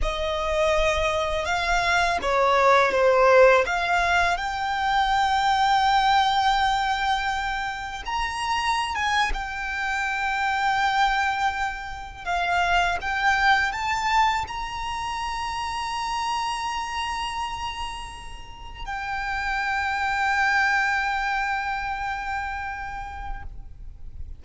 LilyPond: \new Staff \with { instrumentName = "violin" } { \time 4/4 \tempo 4 = 82 dis''2 f''4 cis''4 | c''4 f''4 g''2~ | g''2. ais''4~ | ais''16 gis''8 g''2.~ g''16~ |
g''8. f''4 g''4 a''4 ais''16~ | ais''1~ | ais''4.~ ais''16 g''2~ g''16~ | g''1 | }